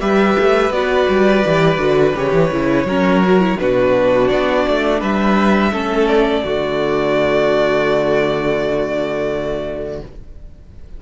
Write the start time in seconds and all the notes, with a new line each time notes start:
0.00 G3 G4 B4 E5
0.38 A3
0.70 B3 F#4 D5
1.08 G3
1.45 E3 G4
1.78 D3 F#4
2.15 C#3 G4 C#5
2.32 E3
2.50 C#3 E4
2.84 F#3 C#4 A#4
3.24 F#4
3.39 E4
3.58 B2 D4 F#4 B4
4.28 B3 D5
4.67 A3
5.00 G3 B4 E5
5.71 A3 C#4 A4
6.07 D5
6.43 D3 A3 F#4